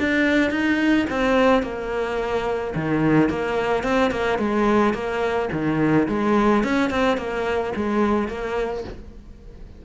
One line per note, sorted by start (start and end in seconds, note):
0.00 0.51 D4
0.51 1.07 D#4
1.10 1.63 C4
1.63 2.74 A#3
2.75 3.30 D#3
3.30 3.84 A#3
3.84 4.11 C4
4.11 4.39 A#3
4.39 4.94 G#3
4.94 5.49 A#3
5.53 6.08 D#3
6.09 6.64 G#3
6.64 6.90 C#4
6.90 7.18 C4
7.18 7.73 A#3
7.76 8.29 G#3
8.29 8.84 A#3